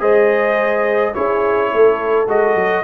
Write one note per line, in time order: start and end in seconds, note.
0.00 1.14 G#3
0.00 1.13 G#4
0.00 1.14 C5
0.00 1.14 D#5
1.14 1.73 C#4
1.14 2.27 E4
1.14 1.73 G#4
1.14 2.27 C#5
1.73 2.27 A3
1.73 2.84 A4
2.27 2.55 G#3
2.27 2.84 F#4
2.27 2.84 D#5
2.55 2.83 F#3